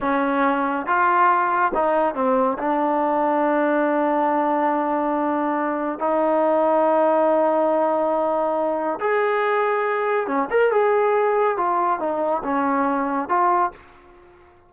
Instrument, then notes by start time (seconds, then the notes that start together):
trombone
0.00 C#4
0.86 F4
1.74 D#4
2.14 C4
2.58 D4
5.99 D#4
9.00 G#4
10.27 C#4
10.50 A#4
10.71 G#4
11.57 F4
11.99 D#4
12.43 C#4
13.28 F4